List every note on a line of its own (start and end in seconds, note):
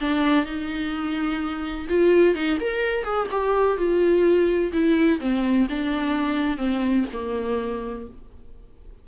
0.00 0.45 D4
0.45 1.87 D#4
1.89 2.35 F4
2.35 2.58 D#4
2.60 3.04 A#4
3.04 3.27 G#4
3.31 3.77 G4
3.77 4.72 F4
4.72 5.20 E4
5.20 5.67 C4
5.69 6.57 D4
6.57 7.04 C4
7.13 8.07 A#3